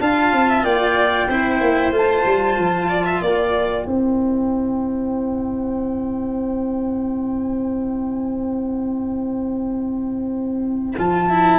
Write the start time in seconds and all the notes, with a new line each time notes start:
0.00 D4 F4 F5 A5
0.32 C4
0.49 E5
0.63 A#3 D5 G5
1.28 C4 E4 C5
1.60 A#3
1.92 A3 F4 A5
2.25 G3
2.58 F3
2.88 D5
3.05 E5
3.21 A#3 D5 G5
3.85 C4 E4 C5
10.98 F3 F4 A5
11.30 E4